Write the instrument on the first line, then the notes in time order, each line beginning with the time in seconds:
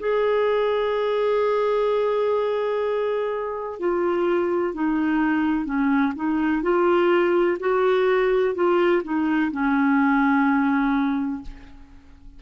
clarinet
0.00 G#4
3.79 F4
4.74 D#4
5.65 C#4
6.16 D#4
6.63 F4
7.60 F#4
8.55 F4
9.04 D#4
9.52 C#4